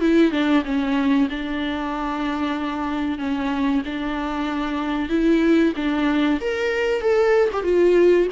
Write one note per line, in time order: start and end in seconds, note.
0.00 0.31 E4
0.31 0.63 D4
0.64 1.28 C#4
1.29 3.18 D4
3.18 3.82 C#4
3.85 5.09 D4
5.09 5.73 E4
5.76 6.40 D4
6.40 7.01 A#4
7.01 7.49 A4
7.52 7.63 G4
7.63 8.27 F4